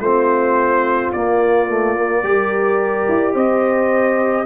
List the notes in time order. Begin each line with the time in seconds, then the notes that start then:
0.00 A3 C4 F4 C5
1.12 A#3 D5
1.68 A3
1.96 A#3
2.23 G3 G4 A#4
3.09 E4
3.34 C4 C5 D#5